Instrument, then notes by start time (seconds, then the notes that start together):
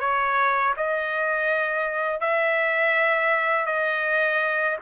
trumpet
0.00 C#5
0.77 D#5
2.20 E5
3.66 D#5